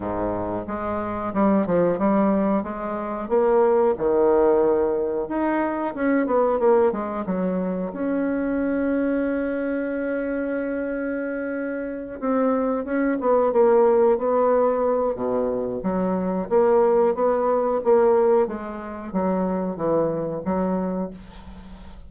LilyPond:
\new Staff \with { instrumentName = "bassoon" } { \time 4/4 \tempo 4 = 91 gis,4 gis4 g8 f8 g4 | gis4 ais4 dis2 | dis'4 cis'8 b8 ais8 gis8 fis4 | cis'1~ |
cis'2~ cis'8 c'4 cis'8 | b8 ais4 b4. b,4 | fis4 ais4 b4 ais4 | gis4 fis4 e4 fis4 | }